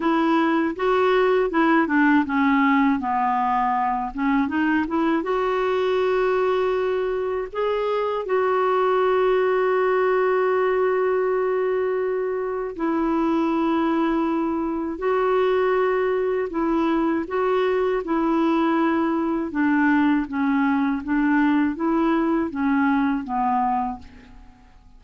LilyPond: \new Staff \with { instrumentName = "clarinet" } { \time 4/4 \tempo 4 = 80 e'4 fis'4 e'8 d'8 cis'4 | b4. cis'8 dis'8 e'8 fis'4~ | fis'2 gis'4 fis'4~ | fis'1~ |
fis'4 e'2. | fis'2 e'4 fis'4 | e'2 d'4 cis'4 | d'4 e'4 cis'4 b4 | }